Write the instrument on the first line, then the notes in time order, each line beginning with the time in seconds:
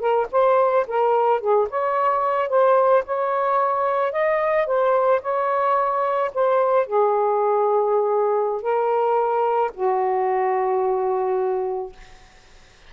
saxophone
0.00 A#4
0.32 C5
0.88 A#4
1.41 G#4
1.70 C#5
2.49 C5
3.05 C#5
4.13 D#5
4.67 C5
5.22 C#5
6.34 C5
6.87 G#4
8.62 A#4
9.74 F#4